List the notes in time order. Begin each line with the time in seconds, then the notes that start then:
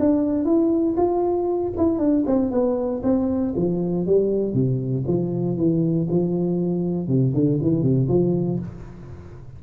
0.00 D4
0.45 E4
0.97 F4
1.78 E4
1.99 D4
2.27 C4
2.52 B3
3.04 C4
3.56 F3
4.07 G3
4.54 C3
5.08 F3
5.57 E3
6.10 F3
7.08 C3
7.34 D3
7.62 E3
7.83 C3
8.09 F3